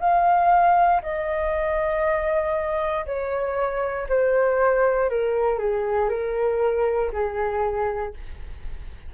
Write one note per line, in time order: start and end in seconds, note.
0.00 1.02 F5
1.02 3.06 D#5
3.06 4.07 C#5
4.09 5.10 C5
5.10 5.59 A#4
5.59 6.09 G#4
6.09 7.11 A#4
7.12 8.14 G#4